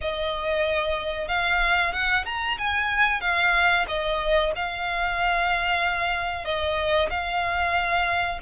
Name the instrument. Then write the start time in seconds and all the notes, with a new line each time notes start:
violin
0.01 D#5
1.28 F5
1.92 F#5
2.25 A#5
2.58 G#5
3.21 F5
3.88 D#5
4.55 F5
6.44 D#5
7.10 F5